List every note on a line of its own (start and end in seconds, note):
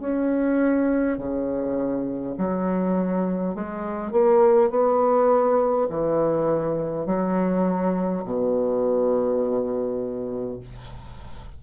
0.00 1.18 C#4
1.18 2.36 C#3
2.38 3.55 F#3
3.55 4.12 G#3
4.12 4.71 A#3
4.71 5.88 B3
5.90 7.06 E3
7.06 8.24 F#3
8.25 10.60 B2